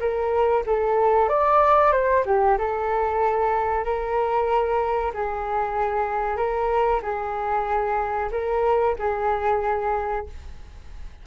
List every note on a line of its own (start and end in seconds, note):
0.00 0.64 A#4
0.66 1.29 A4
1.29 1.92 D5
1.92 2.24 C5
2.26 2.58 G4
2.58 3.84 A4
3.84 5.12 A#4
5.14 6.37 G#4
6.37 7.01 A#4
7.02 8.30 G#4
8.32 8.96 A#4
8.99 10.26 G#4